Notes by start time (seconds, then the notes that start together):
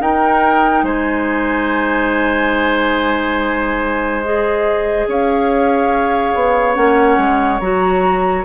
0.00 D#4 A#4 G5
0.83 G#3 C5 G#5
4.23 G#4 D#5
5.07 C#4 C#5 F5
6.35 B3
6.75 A#3 C#4 F#5
7.18 G#3
7.60 F#3 F#4 A#5